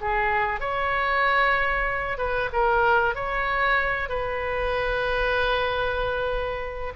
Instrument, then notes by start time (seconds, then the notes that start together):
oboe
0.00 G#4
0.60 C#5
2.17 B4
2.52 A#4
3.14 C#5
4.09 B4